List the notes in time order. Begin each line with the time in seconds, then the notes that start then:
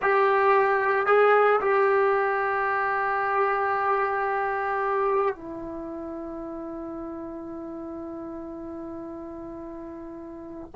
0.02 G4
1.06 G#4
1.60 G4
5.35 E4